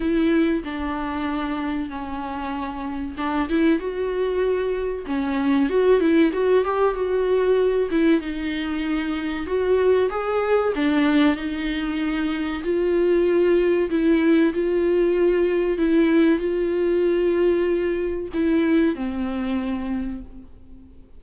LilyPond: \new Staff \with { instrumentName = "viola" } { \time 4/4 \tempo 4 = 95 e'4 d'2 cis'4~ | cis'4 d'8 e'8 fis'2 | cis'4 fis'8 e'8 fis'8 g'8 fis'4~ | fis'8 e'8 dis'2 fis'4 |
gis'4 d'4 dis'2 | f'2 e'4 f'4~ | f'4 e'4 f'2~ | f'4 e'4 c'2 | }